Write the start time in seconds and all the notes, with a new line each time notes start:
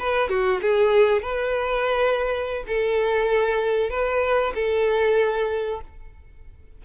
0.00 B4
0.30 F#4
0.62 G#4
1.22 B4
2.68 A4
3.90 B4
4.55 A4